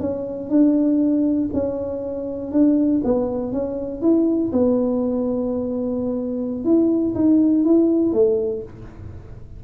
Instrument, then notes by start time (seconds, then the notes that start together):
tuba
0.00 C#4
0.50 D4
1.53 C#4
2.52 D4
3.04 B3
3.52 C#4
4.01 E4
4.52 B3
6.64 E4
7.15 D#4
7.64 E4
8.13 A3